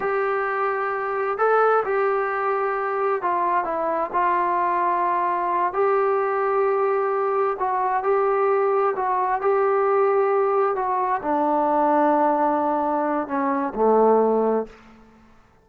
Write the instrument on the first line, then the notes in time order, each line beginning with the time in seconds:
trombone
0.00 G4
1.38 A4
1.84 G4
3.22 F4
3.64 E4
4.12 F4
5.73 G4
7.59 F#4
8.03 G4
8.95 F#4
9.41 G4
10.75 F#4
11.22 D4
13.27 C#4
13.74 A3